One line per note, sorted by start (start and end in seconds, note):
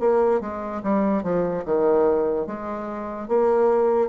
0.00 0.41 A#3
0.41 0.82 G#3
0.83 1.23 G3
1.23 1.64 F3
1.66 2.47 D#3
2.47 3.29 G#3
3.29 4.09 A#3